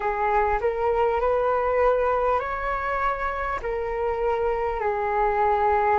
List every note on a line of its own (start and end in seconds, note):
0.00 0.59 G#4
0.61 1.20 A#4
1.20 2.39 B4
2.39 3.59 C#5
3.62 4.79 A#4
4.79 5.99 G#4